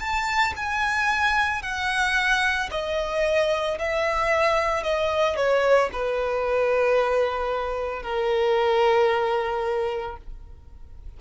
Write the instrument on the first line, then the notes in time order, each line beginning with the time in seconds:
violin
0.00 A5
0.56 G#5
1.62 F#5
2.71 D#5
3.78 E5
4.84 D#5
5.36 C#5
5.92 B4
8.03 A#4